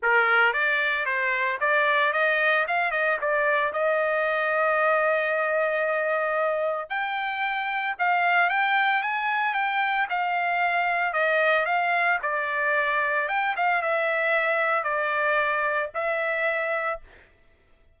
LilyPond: \new Staff \with { instrumentName = "trumpet" } { \time 4/4 \tempo 4 = 113 ais'4 d''4 c''4 d''4 | dis''4 f''8 dis''8 d''4 dis''4~ | dis''1~ | dis''4 g''2 f''4 |
g''4 gis''4 g''4 f''4~ | f''4 dis''4 f''4 d''4~ | d''4 g''8 f''8 e''2 | d''2 e''2 | }